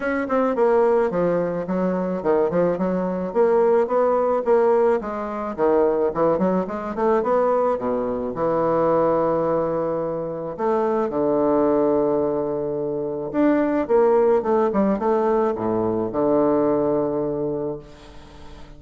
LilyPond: \new Staff \with { instrumentName = "bassoon" } { \time 4/4 \tempo 4 = 108 cis'8 c'8 ais4 f4 fis4 | dis8 f8 fis4 ais4 b4 | ais4 gis4 dis4 e8 fis8 | gis8 a8 b4 b,4 e4~ |
e2. a4 | d1 | d'4 ais4 a8 g8 a4 | a,4 d2. | }